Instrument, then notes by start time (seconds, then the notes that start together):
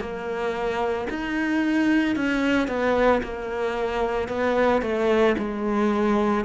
cello
0.00 A#3
1.09 D#4
2.15 C#4
2.67 B3
3.22 A#3
4.28 B3
4.82 A3
5.38 G#3